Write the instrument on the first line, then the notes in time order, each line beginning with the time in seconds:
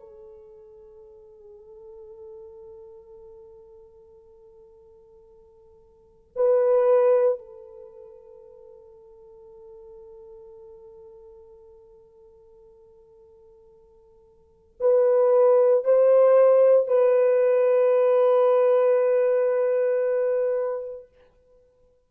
horn
0.00 A4
6.36 B4
7.39 A4
14.80 B4
15.85 C5
16.88 B4